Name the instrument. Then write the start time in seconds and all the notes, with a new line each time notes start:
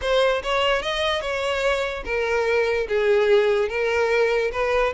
violin
0.01 C5
0.42 C#5
0.82 D#5
1.21 C#5
2.05 A#4
2.88 G#4
3.69 A#4
4.52 B4